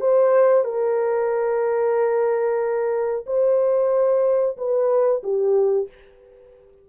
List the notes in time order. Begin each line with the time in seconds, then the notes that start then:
0.00 C5
0.64 A#4
3.26 C5
4.57 B4
5.23 G4